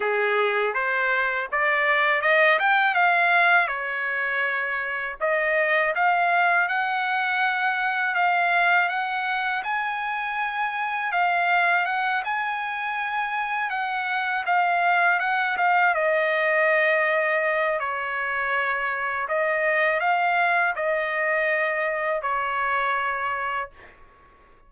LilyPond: \new Staff \with { instrumentName = "trumpet" } { \time 4/4 \tempo 4 = 81 gis'4 c''4 d''4 dis''8 g''8 | f''4 cis''2 dis''4 | f''4 fis''2 f''4 | fis''4 gis''2 f''4 |
fis''8 gis''2 fis''4 f''8~ | f''8 fis''8 f''8 dis''2~ dis''8 | cis''2 dis''4 f''4 | dis''2 cis''2 | }